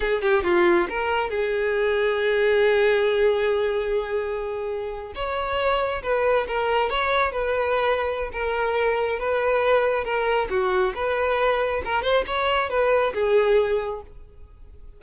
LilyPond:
\new Staff \with { instrumentName = "violin" } { \time 4/4 \tempo 4 = 137 gis'8 g'8 f'4 ais'4 gis'4~ | gis'1~ | gis'2.~ gis'8. cis''16~ | cis''4.~ cis''16 b'4 ais'4 cis''16~ |
cis''8. b'2~ b'16 ais'4~ | ais'4 b'2 ais'4 | fis'4 b'2 ais'8 c''8 | cis''4 b'4 gis'2 | }